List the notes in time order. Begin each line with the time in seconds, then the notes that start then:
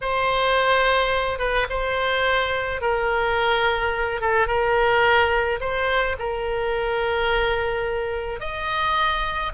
0.01 C5
1.38 B4
1.69 C5
2.81 A#4
4.20 A4
4.47 A#4
5.60 C5
6.18 A#4
8.40 D#5